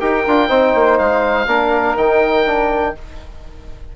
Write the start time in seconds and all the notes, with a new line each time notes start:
0.00 D#4 G4 A#4 G5
0.27 D4 F4
0.49 C4 D#4 C5
0.75 A#3
0.99 G#3 F5
1.47 A#3 D4 A#4
1.97 D#3 D#4 G5
2.46 D4